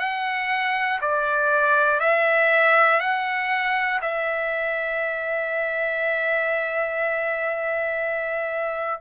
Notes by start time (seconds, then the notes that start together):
0.00 F#5
1.02 D5
2.01 E5
3.01 F#5
4.02 E5